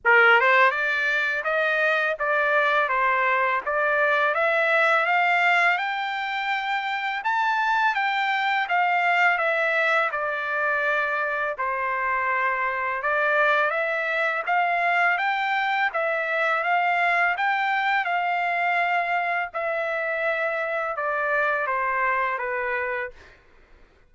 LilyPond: \new Staff \with { instrumentName = "trumpet" } { \time 4/4 \tempo 4 = 83 ais'8 c''8 d''4 dis''4 d''4 | c''4 d''4 e''4 f''4 | g''2 a''4 g''4 | f''4 e''4 d''2 |
c''2 d''4 e''4 | f''4 g''4 e''4 f''4 | g''4 f''2 e''4~ | e''4 d''4 c''4 b'4 | }